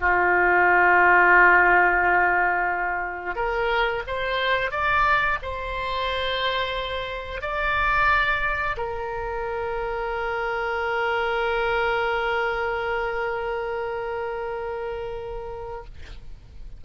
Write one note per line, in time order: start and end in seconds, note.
0.00 3.35 F4
3.35 4.03 A#4
4.07 4.70 C5
4.70 5.38 D5
5.42 7.41 C5
7.41 8.76 D5
8.76 15.84 A#4